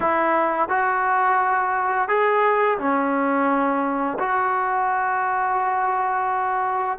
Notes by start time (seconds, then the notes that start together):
0.00 E4
0.68 F#4
2.08 G#4
2.78 C#4
4.19 F#4